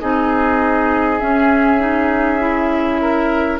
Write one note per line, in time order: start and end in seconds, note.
0.00 1.21 C4
0.00 1.20 D#4
0.00 3.01 G#4
0.00 1.19 D#5
1.19 1.79 C#4
1.19 3.60 C#4
1.19 3.59 E5
1.79 2.39 D#4
2.39 3.59 E4
3.01 3.60 A#4